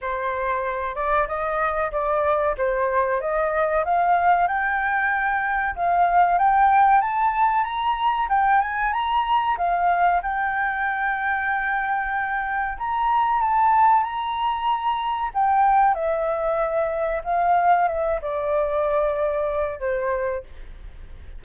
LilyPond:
\new Staff \with { instrumentName = "flute" } { \time 4/4 \tempo 4 = 94 c''4. d''8 dis''4 d''4 | c''4 dis''4 f''4 g''4~ | g''4 f''4 g''4 a''4 | ais''4 g''8 gis''8 ais''4 f''4 |
g''1 | ais''4 a''4 ais''2 | g''4 e''2 f''4 | e''8 d''2~ d''8 c''4 | }